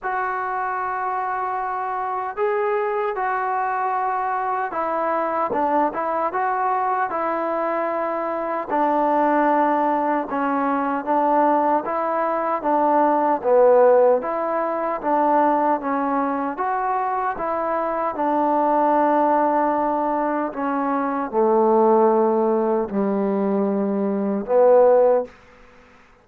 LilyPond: \new Staff \with { instrumentName = "trombone" } { \time 4/4 \tempo 4 = 76 fis'2. gis'4 | fis'2 e'4 d'8 e'8 | fis'4 e'2 d'4~ | d'4 cis'4 d'4 e'4 |
d'4 b4 e'4 d'4 | cis'4 fis'4 e'4 d'4~ | d'2 cis'4 a4~ | a4 g2 b4 | }